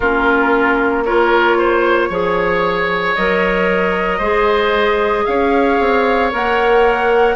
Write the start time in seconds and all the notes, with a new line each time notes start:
0.00 A#3 C#4 F4 A#4
1.04 F4 A#4 C#5
1.58 C5
2.09 F3 G#4 C#5
3.15 F#3 A#4 D#5
4.18 G#3 G#4 C5
5.25 C#4 C#5 F5
5.79 C4
6.31 A#3 A#4 F#5